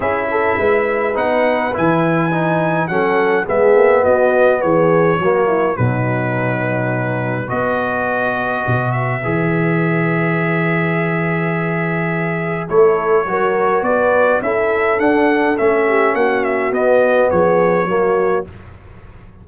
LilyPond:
<<
  \new Staff \with { instrumentName = "trumpet" } { \time 4/4 \tempo 4 = 104 e''2 fis''4 gis''4~ | gis''4 fis''4 e''4 dis''4 | cis''2 b'2~ | b'4 dis''2~ dis''8 e''8~ |
e''1~ | e''2 cis''2 | d''4 e''4 fis''4 e''4 | fis''8 e''8 dis''4 cis''2 | }
  \new Staff \with { instrumentName = "horn" } { \time 4/4 gis'8 a'8 b'2.~ | b'4 a'4 gis'4 fis'4 | gis'4 fis'8 e'8 dis'2~ | dis'4 b'2.~ |
b'1~ | b'2 a'4 ais'4 | b'4 a'2~ a'8 g'8 | fis'2 gis'4 fis'4 | }
  \new Staff \with { instrumentName = "trombone" } { \time 4/4 e'2 dis'4 e'4 | dis'4 cis'4 b2~ | b4 ais4 fis2~ | fis4 fis'2. |
gis'1~ | gis'2 e'4 fis'4~ | fis'4 e'4 d'4 cis'4~ | cis'4 b2 ais4 | }
  \new Staff \with { instrumentName = "tuba" } { \time 4/4 cis'4 gis4 b4 e4~ | e4 fis4 gis8 ais8 b4 | e4 fis4 b,2~ | b,4 b2 b,4 |
e1~ | e2 a4 fis4 | b4 cis'4 d'4 a4 | ais4 b4 f4 fis4 | }
>>